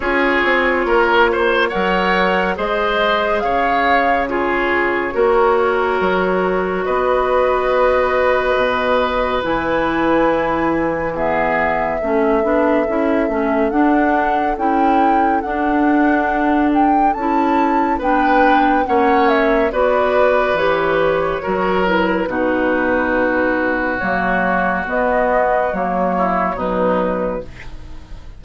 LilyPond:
<<
  \new Staff \with { instrumentName = "flute" } { \time 4/4 \tempo 4 = 70 cis''2 fis''4 dis''4 | f''4 cis''2. | dis''2. gis''4~ | gis''4 e''2. |
fis''4 g''4 fis''4. g''8 | a''4 g''4 fis''8 e''8 d''4 | cis''4. b'2~ b'8 | cis''4 dis''4 cis''4 b'4 | }
  \new Staff \with { instrumentName = "oboe" } { \time 4/4 gis'4 ais'8 c''8 cis''4 c''4 | cis''4 gis'4 ais'2 | b'1~ | b'4 gis'4 a'2~ |
a'1~ | a'4 b'4 cis''4 b'4~ | b'4 ais'4 fis'2~ | fis'2~ fis'8 e'8 dis'4 | }
  \new Staff \with { instrumentName = "clarinet" } { \time 4/4 f'2 ais'4 gis'4~ | gis'4 f'4 fis'2~ | fis'2. e'4~ | e'4 b4 cis'8 d'8 e'8 cis'8 |
d'4 e'4 d'2 | e'4 d'4 cis'4 fis'4 | g'4 fis'8 e'8 dis'2 | ais4 b4 ais4 fis4 | }
  \new Staff \with { instrumentName = "bassoon" } { \time 4/4 cis'8 c'8 ais4 fis4 gis4 | cis2 ais4 fis4 | b2 b,4 e4~ | e2 a8 b8 cis'8 a8 |
d'4 cis'4 d'2 | cis'4 b4 ais4 b4 | e4 fis4 b,2 | fis4 b4 fis4 b,4 | }
>>